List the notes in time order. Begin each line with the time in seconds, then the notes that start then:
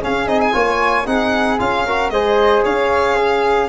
0.00 C#4 G#4 F5
0.26 C4 D#4 D#5
0.41 G#5
0.52 A#3 F4 C#5
1.06 C4 D#4 G#4 F#5
1.58 C#4 F4 F5
1.85 F#4 A#4
2.10 G#3 G#4 C5 D#5
2.63 C#4 C#5 F5
3.16 G#4